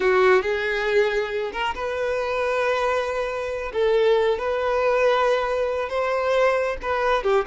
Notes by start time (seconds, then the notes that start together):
0.00 F#4
0.42 G#4
1.52 A#4
1.75 B4
3.72 A4
4.38 B4
5.89 C5
6.82 B4
7.23 G4